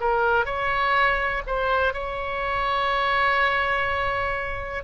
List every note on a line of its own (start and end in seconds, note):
0.00 0.45 A#4
0.45 1.42 C#5
1.46 1.93 C5
1.93 4.83 C#5